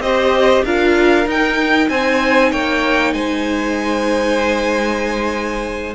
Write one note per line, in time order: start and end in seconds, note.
0.00 0.62 C4
0.00 0.67 G4
0.00 0.65 C5
0.00 0.64 D#5
0.65 1.27 D4
0.65 1.26 F4
0.65 1.90 A#4
0.65 1.28 F5
1.26 5.95 D#4
1.26 1.89 D#4
1.26 1.89 G5
1.89 2.52 C4
1.89 2.52 C5
1.89 2.52 G#5
2.52 3.13 A#3
2.52 3.14 C#5
2.52 3.13 G5
3.13 5.95 G#3
3.13 5.95 C5
3.13 5.95 G#5